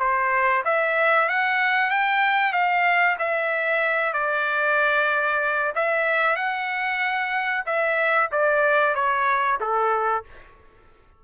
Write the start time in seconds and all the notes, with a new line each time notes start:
0.00 C5
0.65 E5
1.29 F#5
1.91 G5
2.53 F5
3.19 E5
4.13 D5
5.76 E5
6.36 F#5
7.66 E5
8.32 D5
8.95 C#5
9.61 A4